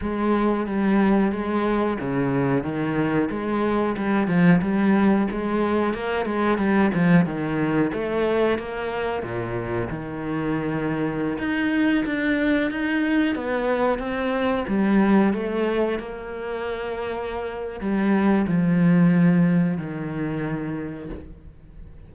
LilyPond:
\new Staff \with { instrumentName = "cello" } { \time 4/4 \tempo 4 = 91 gis4 g4 gis4 cis4 | dis4 gis4 g8 f8 g4 | gis4 ais8 gis8 g8 f8 dis4 | a4 ais4 ais,4 dis4~ |
dis4~ dis16 dis'4 d'4 dis'8.~ | dis'16 b4 c'4 g4 a8.~ | a16 ais2~ ais8. g4 | f2 dis2 | }